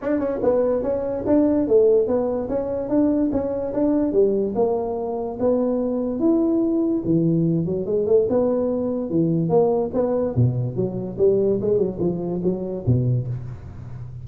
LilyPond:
\new Staff \with { instrumentName = "tuba" } { \time 4/4 \tempo 4 = 145 d'8 cis'8 b4 cis'4 d'4 | a4 b4 cis'4 d'4 | cis'4 d'4 g4 ais4~ | ais4 b2 e'4~ |
e'4 e4. fis8 gis8 a8 | b2 e4 ais4 | b4 b,4 fis4 g4 | gis8 fis8 f4 fis4 b,4 | }